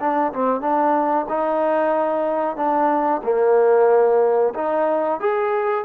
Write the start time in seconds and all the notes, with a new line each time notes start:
0.00 D4
0.33 C4
0.61 D4
1.29 D#4
2.57 D4
3.23 A#3
4.55 D#4
5.20 G#4